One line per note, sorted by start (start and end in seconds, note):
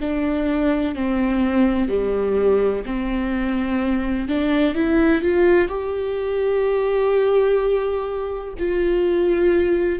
0.00 0.95 D4
0.95 1.88 C4
1.88 2.84 G3
2.85 4.28 C4
4.28 4.74 D4
4.74 5.21 E4
5.21 5.68 F4
5.68 8.54 G4
8.58 9.99 F4